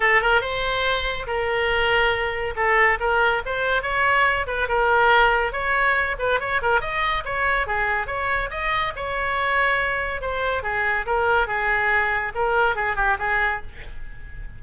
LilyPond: \new Staff \with { instrumentName = "oboe" } { \time 4/4 \tempo 4 = 141 a'8 ais'8 c''2 ais'4~ | ais'2 a'4 ais'4 | c''4 cis''4. b'8 ais'4~ | ais'4 cis''4. b'8 cis''8 ais'8 |
dis''4 cis''4 gis'4 cis''4 | dis''4 cis''2. | c''4 gis'4 ais'4 gis'4~ | gis'4 ais'4 gis'8 g'8 gis'4 | }